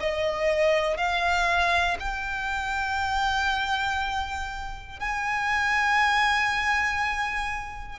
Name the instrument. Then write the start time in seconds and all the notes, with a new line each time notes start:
violin
0.00 D#5
0.97 F5
2.00 G5
5.00 G#5